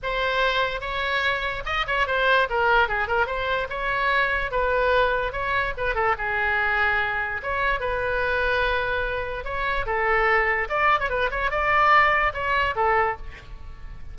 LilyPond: \new Staff \with { instrumentName = "oboe" } { \time 4/4 \tempo 4 = 146 c''2 cis''2 | dis''8 cis''8 c''4 ais'4 gis'8 ais'8 | c''4 cis''2 b'4~ | b'4 cis''4 b'8 a'8 gis'4~ |
gis'2 cis''4 b'4~ | b'2. cis''4 | a'2 d''8. cis''16 b'8 cis''8 | d''2 cis''4 a'4 | }